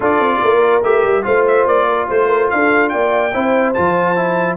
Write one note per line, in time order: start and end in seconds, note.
0.00 0.19 D4
0.00 0.82 F4
0.00 0.39 A4
0.00 0.83 D5
0.19 0.40 C4
0.42 0.83 A#3
0.42 1.24 A#4
0.83 1.03 A3
0.83 1.22 G4
0.83 1.25 E5
1.03 1.24 G3
1.22 1.66 A3
1.22 3.30 F4
1.22 1.87 C5
1.22 1.46 F5
1.47 1.67 E5
1.66 2.08 A#3
1.66 2.09 D5
1.88 2.07 A#4
2.07 2.51 A3
2.07 2.27 C5
2.07 2.50 C5
2.27 2.48 A#4
2.50 2.93 D4
2.50 2.91 A4
2.50 2.89 F5
2.89 3.34 A#3
2.89 3.33 D5
2.89 3.72 G5
3.33 3.76 C4
3.33 3.75 E4
3.33 4.57 C5
3.73 4.57 F3
3.73 4.16 F4
3.73 4.57 A5
4.16 4.57 E4